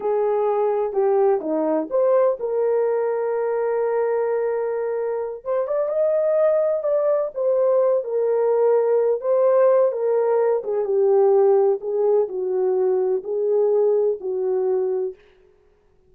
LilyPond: \new Staff \with { instrumentName = "horn" } { \time 4/4 \tempo 4 = 127 gis'2 g'4 dis'4 | c''4 ais'2.~ | ais'2.~ ais'8 c''8 | d''8 dis''2 d''4 c''8~ |
c''4 ais'2~ ais'8 c''8~ | c''4 ais'4. gis'8 g'4~ | g'4 gis'4 fis'2 | gis'2 fis'2 | }